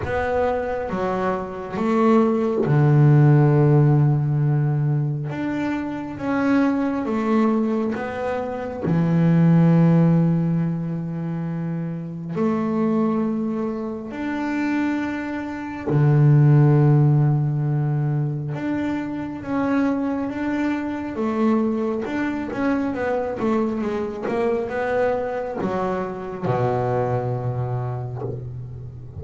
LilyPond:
\new Staff \with { instrumentName = "double bass" } { \time 4/4 \tempo 4 = 68 b4 fis4 a4 d4~ | d2 d'4 cis'4 | a4 b4 e2~ | e2 a2 |
d'2 d2~ | d4 d'4 cis'4 d'4 | a4 d'8 cis'8 b8 a8 gis8 ais8 | b4 fis4 b,2 | }